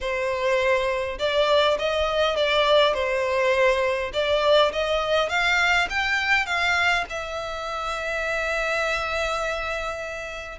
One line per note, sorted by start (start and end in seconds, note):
0.00 1.18 C5
1.18 1.77 D5
1.79 2.36 D#5
2.36 2.94 D5
2.94 4.11 C5
4.13 4.71 D5
4.72 5.29 D#5
5.29 5.88 F5
5.89 6.45 G5
6.45 7.04 F5
7.09 10.59 E5